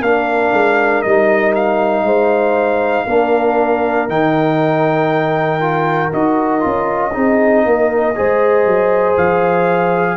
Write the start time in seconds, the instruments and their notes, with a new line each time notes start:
0.00 tuba A#3, trombone D4, trumpet F5
0.07 horn A#4
0.52 tuba G#3
1.01 tuba G3, trombone D#4, trumpet D#5
1.54 trumpet F5
2.03 tuba G#3, horn C5
3.06 tuba A#3, trombone D4, horn A#4
4.08 tuba D#3, trombone D#4, trumpet G5
5.60 trombone F4
6.11 tuba D#4, trombone F#4, trumpet D#5
6.60 tuba C#4, trombone F4
7.12 tuba C4, trombone D#4, horn G#4
7.65 tuba A#3, horn A#4
8.15 tuba G#3, trombone G#4, horn C5
8.65 tuba F#3
9.17 tuba F3, trumpet F5